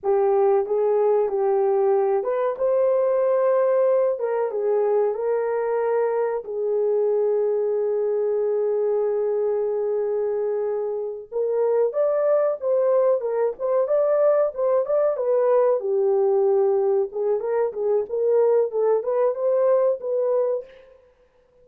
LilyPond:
\new Staff \with { instrumentName = "horn" } { \time 4/4 \tempo 4 = 93 g'4 gis'4 g'4. b'8 | c''2~ c''8 ais'8 gis'4 | ais'2 gis'2~ | gis'1~ |
gis'4. ais'4 d''4 c''8~ | c''8 ais'8 c''8 d''4 c''8 d''8 b'8~ | b'8 g'2 gis'8 ais'8 gis'8 | ais'4 a'8 b'8 c''4 b'4 | }